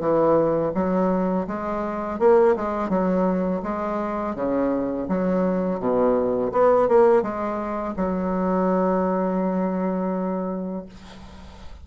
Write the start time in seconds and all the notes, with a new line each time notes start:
0.00 E3
0.75 F#3
1.48 G#3
2.19 A#3
2.56 G#3
2.89 F#3
3.63 G#3
4.36 C#3
5.09 F#3
5.80 B2
6.52 B3
6.89 A#3
7.23 G#3
7.97 F#3